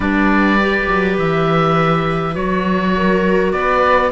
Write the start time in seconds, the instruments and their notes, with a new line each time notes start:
0.00 cello G3, clarinet D4, viola B4, oboe D5
0.60 clarinet G4
0.88 cello F#3
1.18 cello E3, oboe E5
2.33 cello F#3, clarinet F#4, oboe C#5
2.96 viola A#4
3.52 cello B3, viola B4, oboe D5